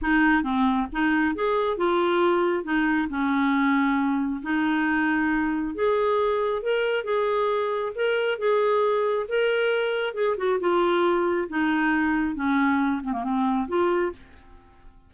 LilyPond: \new Staff \with { instrumentName = "clarinet" } { \time 4/4 \tempo 4 = 136 dis'4 c'4 dis'4 gis'4 | f'2 dis'4 cis'4~ | cis'2 dis'2~ | dis'4 gis'2 ais'4 |
gis'2 ais'4 gis'4~ | gis'4 ais'2 gis'8 fis'8 | f'2 dis'2 | cis'4. c'16 ais16 c'4 f'4 | }